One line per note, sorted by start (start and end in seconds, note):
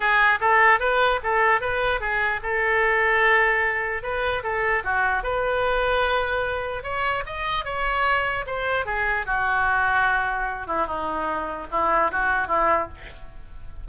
0.00 0.39 G#4
0.40 0.79 A4
0.79 1.20 B4
1.23 1.60 A4
1.60 2.00 B4
2.00 2.40 G#4
2.43 4.02 A4
4.02 4.43 B4
4.43 4.83 A4
4.84 5.23 F#4
5.23 6.83 B4
6.83 7.23 C#5
7.26 7.64 D#5
7.64 8.45 C#5
8.46 8.85 C5
8.85 9.25 G#4
9.26 10.67 F#4
10.67 10.86 E4
10.86 11.67 D#4
11.71 12.11 E4
12.11 12.47 F#4
12.47 12.88 E4